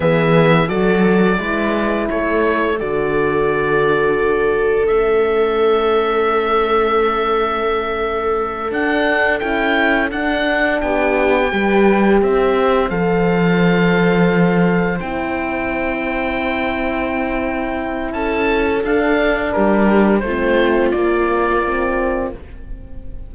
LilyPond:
<<
  \new Staff \with { instrumentName = "oboe" } { \time 4/4 \tempo 4 = 86 e''4 d''2 cis''4 | d''2. e''4~ | e''1~ | e''8 fis''4 g''4 fis''4 g''8~ |
g''4. e''4 f''4.~ | f''4. g''2~ g''8~ | g''2 a''4 f''4 | ais'4 c''4 d''2 | }
  \new Staff \with { instrumentName = "viola" } { \time 4/4 gis'4 a'4 b'4 a'4~ | a'1~ | a'1~ | a'2.~ a'8 g'8~ |
g'8 b'4 c''2~ c''8~ | c''1~ | c''2 a'2 | g'4 f'2. | }
  \new Staff \with { instrumentName = "horn" } { \time 4/4 b4 fis'4 e'2 | fis'2. cis'4~ | cis'1~ | cis'8 d'4 e'4 d'4.~ |
d'8 g'2 a'4.~ | a'4. e'2~ e'8~ | e'2. d'4~ | d'4 c'4 ais4 c'4 | }
  \new Staff \with { instrumentName = "cello" } { \time 4/4 e4 fis4 gis4 a4 | d2. a4~ | a1~ | a8 d'4 cis'4 d'4 b8~ |
b8 g4 c'4 f4.~ | f4. c'2~ c'8~ | c'2 cis'4 d'4 | g4 a4 ais2 | }
>>